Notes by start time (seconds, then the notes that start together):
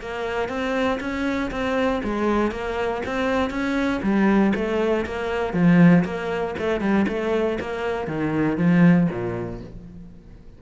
0.00 A#3
0.48 C4
1.00 C#4
1.51 C4
2.04 G#3
2.51 A#3
3.05 C4
3.50 C#4
4.02 G3
4.54 A3
5.05 A#3
5.53 F3
6.04 A#3
6.58 A3
6.80 G3
7.08 A3
7.60 A#3
8.07 D#3
8.57 F3
9.10 A#2